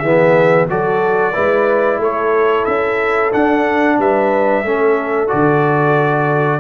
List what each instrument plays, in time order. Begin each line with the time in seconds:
0.00 tuba E3, trombone B3, horn G#4, trumpet E5
0.70 tuba F#3, trombone F#4, horn A4, trumpet D5
1.33 tuba G#3, trombone E4, horn B4
1.99 tuba A3, horn A4, trumpet C#5
2.66 tuba C#4, trumpet E5
3.33 trombone D4, tuba D4, trumpet F#5
3.99 tuba G3, horn B4, trumpet E5
4.64 tuba A3, trombone C#4, horn A4
5.28 tuba D3, trombone F#4, trumpet D5